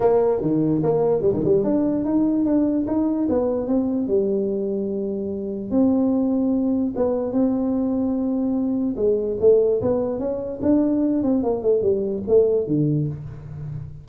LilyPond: \new Staff \with { instrumentName = "tuba" } { \time 4/4 \tempo 4 = 147 ais4 dis4 ais4 g16 dis16 g8 | d'4 dis'4 d'4 dis'4 | b4 c'4 g2~ | g2 c'2~ |
c'4 b4 c'2~ | c'2 gis4 a4 | b4 cis'4 d'4. c'8 | ais8 a8 g4 a4 d4 | }